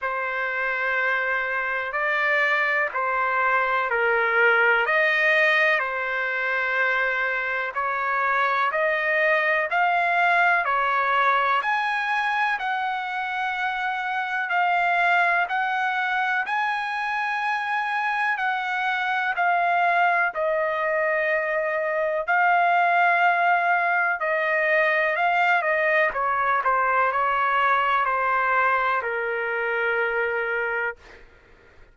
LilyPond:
\new Staff \with { instrumentName = "trumpet" } { \time 4/4 \tempo 4 = 62 c''2 d''4 c''4 | ais'4 dis''4 c''2 | cis''4 dis''4 f''4 cis''4 | gis''4 fis''2 f''4 |
fis''4 gis''2 fis''4 | f''4 dis''2 f''4~ | f''4 dis''4 f''8 dis''8 cis''8 c''8 | cis''4 c''4 ais'2 | }